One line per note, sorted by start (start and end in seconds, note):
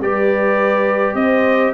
0.00 1.14 G3
0.00 1.73 G4
0.00 1.17 B4
0.00 1.15 D5
1.14 1.72 C4
1.14 1.73 C5
1.14 1.73 D#5